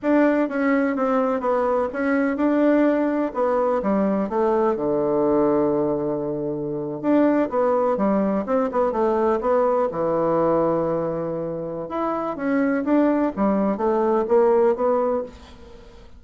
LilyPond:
\new Staff \with { instrumentName = "bassoon" } { \time 4/4 \tempo 4 = 126 d'4 cis'4 c'4 b4 | cis'4 d'2 b4 | g4 a4 d2~ | d2~ d8. d'4 b16~ |
b8. g4 c'8 b8 a4 b16~ | b8. e2.~ e16~ | e4 e'4 cis'4 d'4 | g4 a4 ais4 b4 | }